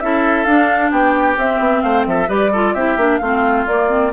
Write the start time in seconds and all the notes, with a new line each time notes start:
0.00 C#4 E4 A4 E5
0.44 D4 F5
0.91 B3 G4 G5
1.37 C4 E5
1.59 B3
1.81 A3 C5 F5
2.06 F3 A4 E5
2.28 G3 G4 B4 D5
2.52 F4 A4
2.74 C4 E4 G4 E5
2.97 A#3 D4
3.17 A3 C4 F4 F5
3.67 A#3 D5
3.89 C4